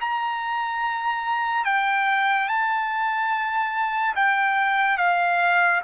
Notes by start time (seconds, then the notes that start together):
0.00 A#5
1.65 G5
2.48 A5
4.15 G5
4.97 F5